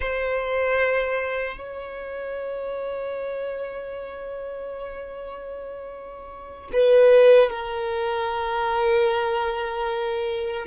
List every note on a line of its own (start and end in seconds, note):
0.00 1.57 C5
1.57 6.70 C#5
6.72 7.50 B4
7.50 10.66 A#4